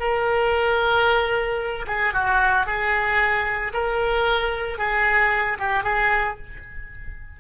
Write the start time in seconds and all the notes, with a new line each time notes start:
0.00 A#4
1.87 G#4
2.14 F#4
2.66 G#4
3.74 A#4
4.78 G#4
5.59 G4
5.83 G#4